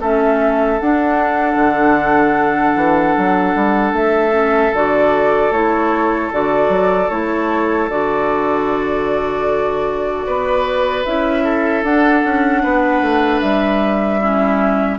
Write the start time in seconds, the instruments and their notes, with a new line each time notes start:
0.00 bassoon A3, clarinet C#4, oboe A4, flute E5
0.79 clarinet D4, bassoon D4, flute F#5
1.55 bassoon D3
2.75 bassoon E3
3.17 bassoon F#3
3.55 bassoon G3
3.92 bassoon A3, flute E5
4.31 clarinet C#4
4.73 bassoon D3, clarinet F#4, flute D5
5.50 bassoon A3, clarinet E4, flute C#5
6.31 bassoon D3, clarinet F#4, flute D5
6.68 bassoon F#3
7.09 bassoon A3, clarinet E4, flute C#5
7.89 bassoon D3, clarinet F#4, flute D5
10.26 bassoon B3, oboe B4
11.04 bassoon C#4, clarinet E4, flute E5
11.43 oboe A4
11.83 bassoon D4, clarinet D4, flute F#5
12.25 bassoon C#4
12.62 bassoon B3, oboe B4
13.01 bassoon A3
13.40 bassoon G3, flute E5
14.20 clarinet C#4, oboe E4